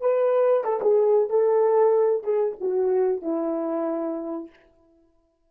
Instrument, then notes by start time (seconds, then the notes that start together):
horn
0.00 B4
0.64 A4
0.82 G#4
1.29 A4
2.23 G#4
2.60 F#4
3.22 E4